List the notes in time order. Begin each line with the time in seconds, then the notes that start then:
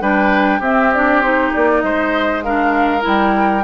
0.00 G3 D4 B4 G5
0.59 C4 G4 E5
0.93 D4 D5
1.21 D#4 C5
1.53 A#3 D5
1.81 G#3 C5 D#5
2.42 D4 A#4 F5
3.00 G3 E4
3.07 G5